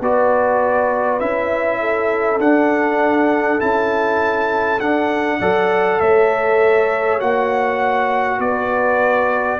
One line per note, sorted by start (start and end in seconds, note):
0.00 1.20 B3
0.00 1.20 F#4
0.00 1.80 B4
0.00 1.20 D5
1.20 2.39 C#4
1.20 2.40 E4
1.20 2.40 E5
1.80 5.39 A4
2.39 3.59 D4
2.39 3.60 F#5
3.59 4.80 C#4
3.59 4.79 E4
3.59 4.80 A5
4.80 5.40 D4
4.80 5.41 D4
4.80 6.00 F#5
5.39 6.00 F#3
5.39 7.20 A4
5.39 5.99 D5
6.00 7.21 A3
6.00 8.40 C#5
6.00 7.20 E5
7.20 8.39 A#3
7.20 9.60 F#4
7.20 8.40 F#5
8.39 9.59 B3
8.39 9.60 B4
8.39 9.60 D5